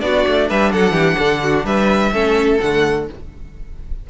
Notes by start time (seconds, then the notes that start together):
0.00 B3 D4 F#4 D5
0.27 A3
0.48 G3 B4 E5
0.72 F#3 A4 F#5
0.91 E3 G4
1.18 D3 A4
1.43 F#4
1.64 G3 B4 E5
2.12 A3 C#4 A4
2.60 D3 A3 F#5